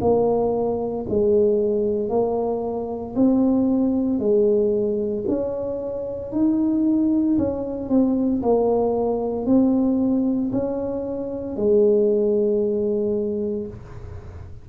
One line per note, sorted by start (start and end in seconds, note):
0.00 1.05 A#3
1.09 2.09 G#3
2.09 3.14 A#3
3.15 4.19 C4
4.19 5.24 G#3
5.27 6.32 C#4
6.32 7.37 D#4
7.38 7.89 C#4
7.89 8.42 C4
8.42 9.45 A#3
9.45 10.51 C4
10.52 11.56 C#4
11.56 13.67 G#3